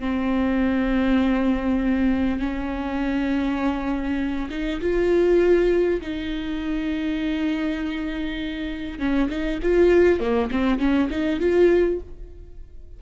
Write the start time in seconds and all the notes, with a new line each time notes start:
0.00 C4
2.40 C#4
4.51 D#4
4.81 F4
6.01 D#4
8.99 C#4
9.30 D#4
9.63 F4
10.20 A#3
10.51 C4
10.79 C#4
11.10 D#4
11.40 F4